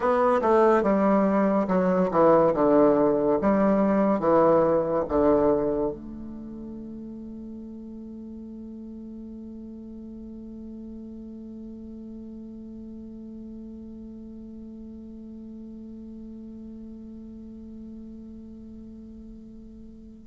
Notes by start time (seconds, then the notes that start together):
0.00 B3
0.41 A3
0.82 G3
1.67 F#3
2.11 E3
2.54 D3
3.41 G3
4.19 E3
5.09 D3
5.91 A3